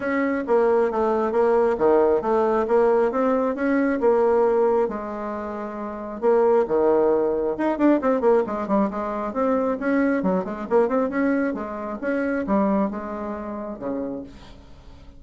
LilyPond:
\new Staff \with { instrumentName = "bassoon" } { \time 4/4 \tempo 4 = 135 cis'4 ais4 a4 ais4 | dis4 a4 ais4 c'4 | cis'4 ais2 gis4~ | gis2 ais4 dis4~ |
dis4 dis'8 d'8 c'8 ais8 gis8 g8 | gis4 c'4 cis'4 fis8 gis8 | ais8 c'8 cis'4 gis4 cis'4 | g4 gis2 cis4 | }